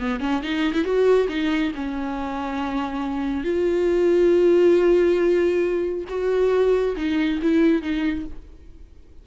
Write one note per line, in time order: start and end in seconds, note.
0.00 0.21 B3
0.21 0.42 C#4
0.43 0.74 D#4
0.74 0.85 E4
0.85 1.28 F#4
1.29 1.72 D#4
1.75 3.44 C#4
3.44 6.05 F4
6.09 6.96 F#4
6.97 7.40 D#4
7.42 7.82 E4
7.82 8.26 D#4